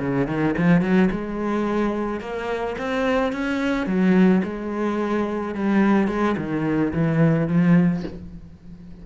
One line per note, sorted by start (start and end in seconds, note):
0.00 0.27 C#3
0.27 0.55 D#3
0.58 0.82 F3
0.82 1.09 F#3
1.11 2.21 G#3
2.21 2.76 A#3
2.78 3.33 C4
3.33 3.87 C#4
3.87 4.42 F#3
4.44 5.55 G#3
5.55 6.08 G3
6.08 6.36 G#3
6.37 6.93 D#3
6.93 7.47 E3
7.47 8.03 F3